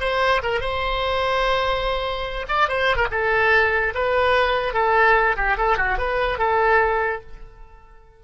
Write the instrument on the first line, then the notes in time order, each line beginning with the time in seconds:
oboe
0.00 C5
0.43 A#4
0.60 C5
2.48 D5
2.68 C5
2.96 A#4
3.11 A4
3.94 B4
4.74 A4
5.36 G4
5.57 A4
5.77 F#4
5.98 B4
6.38 A4